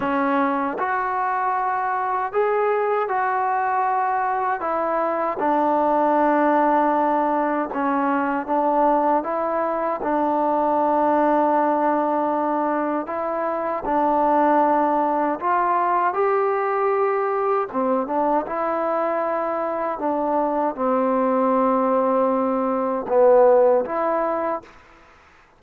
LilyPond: \new Staff \with { instrumentName = "trombone" } { \time 4/4 \tempo 4 = 78 cis'4 fis'2 gis'4 | fis'2 e'4 d'4~ | d'2 cis'4 d'4 | e'4 d'2.~ |
d'4 e'4 d'2 | f'4 g'2 c'8 d'8 | e'2 d'4 c'4~ | c'2 b4 e'4 | }